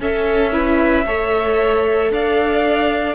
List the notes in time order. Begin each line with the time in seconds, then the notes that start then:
0.00 C#4 A4 E5
0.52 E4 B4
1.05 A3 A4 C#5
2.10 D4 D5 F5